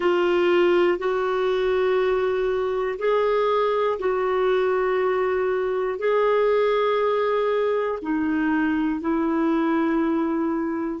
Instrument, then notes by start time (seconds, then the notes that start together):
clarinet
0.00 F4
0.98 F#4
2.99 G#4
3.99 F#4
5.98 G#4
8.01 D#4
9.00 E4